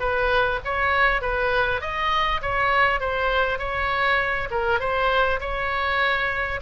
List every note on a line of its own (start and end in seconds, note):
0.00 0.60 B4
0.65 1.22 C#5
1.22 1.81 B4
1.81 2.41 D#5
2.42 3.01 C#5
3.01 3.59 C5
3.59 4.49 C#5
4.51 4.80 A#4
4.80 5.40 C5
5.41 6.61 C#5